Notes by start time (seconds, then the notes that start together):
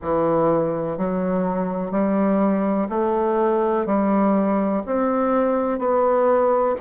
0.01 E3
0.97 F#3
1.91 G3
2.89 A3
3.86 G3
4.86 C4
5.78 B3